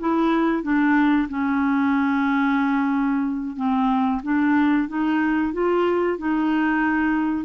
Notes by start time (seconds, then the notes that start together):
0.00 E4
0.63 D4
1.30 C#4
3.57 C4
4.23 D4
4.89 D#4
5.53 F4
6.18 D#4